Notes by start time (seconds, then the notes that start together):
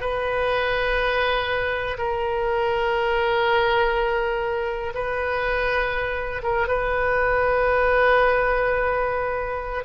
0.00 B4
1.98 A#4
4.94 B4
6.42 A#4
6.68 B4